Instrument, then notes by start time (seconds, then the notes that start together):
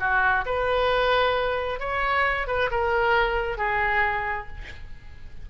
oboe
0.00 F#4
0.46 B4
1.80 C#5
2.48 B4
2.71 A#4
3.58 G#4